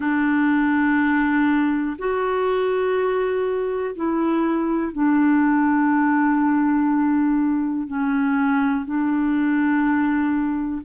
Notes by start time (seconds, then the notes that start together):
0.00 D4
1.98 F#4
3.95 E4
4.92 D4
7.87 C#4
8.85 D4